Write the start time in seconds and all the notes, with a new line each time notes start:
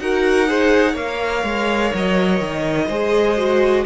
0.00 D#4 F#4 A#4 F#5
0.47 G#4 C5
0.92 A#3 A#4 C#5 F5
1.44 G#3
1.94 F#3 D#5
2.41 D#3
2.87 G#3 G#4 C5
3.37 F#4